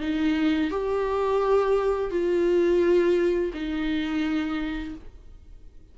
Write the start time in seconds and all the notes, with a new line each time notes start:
0.00 D#4
0.71 G4
2.10 F4
3.53 D#4